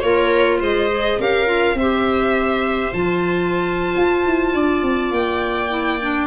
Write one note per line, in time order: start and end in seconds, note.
0.00 0.61 A#3
0.00 0.90 F4
0.00 0.60 A#4
0.00 0.58 C#5
0.60 1.19 G#3
0.60 1.19 C5
0.60 1.21 D#5
0.91 1.20 G#4
1.19 1.75 C#4
1.19 1.46 G4
1.19 1.78 A#4
1.19 1.78 F5
1.46 1.76 F4
1.75 2.91 C4
1.75 4.55 C5
1.75 2.94 E5
1.81 2.94 G4
2.93 3.95 F3
2.93 5.70 F4
2.93 5.12 A5
3.97 4.26 F4
4.26 4.54 E4
4.54 4.83 D4
4.54 6.27 D5
4.83 5.11 C4
5.11 6.27 A#3
5.11 6.27 G5
5.70 5.99 E4
6.02 6.27 D4